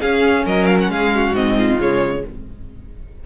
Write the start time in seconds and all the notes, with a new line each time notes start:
0.00 C#4 G#4 F5
0.44 F#3 A#4 D#5
0.66 F5
0.81 F#5
0.89 G#3 G#4 F5
1.14 F#4
1.31 G#2 C4 D#5
1.57 F4
1.79 C#3 G#3 C#5